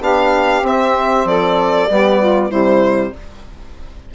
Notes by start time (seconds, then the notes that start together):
0.00 B3 D4 G4 F5
0.62 C4 E5
1.25 F3 A4 D5
1.89 G3 B3 G4
2.20 F4
2.49 C3 G3 E4 C5